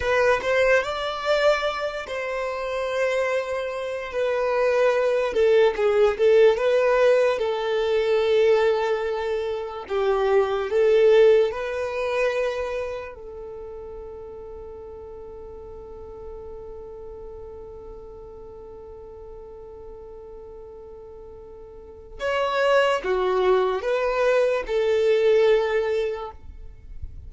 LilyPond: \new Staff \with { instrumentName = "violin" } { \time 4/4 \tempo 4 = 73 b'8 c''8 d''4. c''4.~ | c''4 b'4. a'8 gis'8 a'8 | b'4 a'2. | g'4 a'4 b'2 |
a'1~ | a'1~ | a'2. cis''4 | fis'4 b'4 a'2 | }